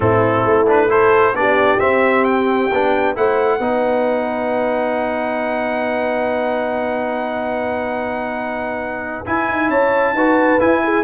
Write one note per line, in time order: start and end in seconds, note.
0.00 0.43 A2
0.00 0.66 C4
0.00 0.89 E4
0.00 0.67 A4
0.44 1.33 A3
0.67 0.89 D4
0.67 0.90 B4
0.89 1.34 E4
0.89 1.34 A4
0.89 1.35 C5
1.33 1.78 B3
1.33 1.79 D4
1.33 3.17 G4
1.33 1.79 D5
1.79 2.69 C4
1.79 2.70 C4
1.79 2.24 E5
2.24 3.14 G5
2.72 3.16 B3
2.72 3.15 D4
3.15 3.59 A3
3.15 3.60 E4
3.15 3.58 C5
3.15 9.25 F#5
3.58 9.23 B3
3.58 9.25 D#4
3.58 9.67 B4
9.25 10.16 E4
9.25 9.49 E4
9.25 9.70 G#5
9.49 9.68 D#4
9.68 10.12 C#4
9.68 10.15 C#5
9.68 10.60 A5
10.12 10.58 D#4
10.12 10.59 F#4
10.12 10.83 B4
10.59 11.04 E4
10.59 11.04 G#5
10.83 11.04 G#4